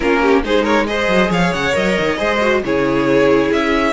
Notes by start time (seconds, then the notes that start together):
0.00 A#3 C#4 F4 A#4
0.21 G4
0.43 G#3 D#4 G#4 C5
0.63 A#4 C#5
0.87 G#4 C5 D#5
1.07 F#3
1.30 F3 C#5 F5
1.53 C#3 F#5
1.72 F#3 A#4 D#5
1.99 D#3
2.17 G#3 G#4 C5
2.41 F#4
2.64 C#3 E4 G#4 C#5
3.52 C#4 E5